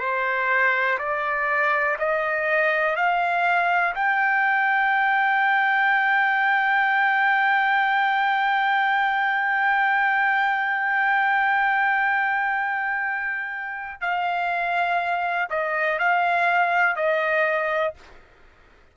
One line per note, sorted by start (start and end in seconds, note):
0.00 0.98 C5
0.99 1.97 D5
1.99 2.96 D#5
2.96 3.95 F5
3.95 14.02 G5
14.02 15.49 F5
15.51 15.99 D#5
15.99 16.97 F5
16.97 17.95 D#5